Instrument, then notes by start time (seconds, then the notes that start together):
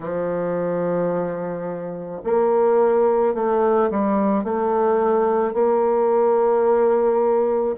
bassoon
0.00 F3
2.24 A#3
3.34 A3
3.90 G3
4.44 A3
5.53 A#3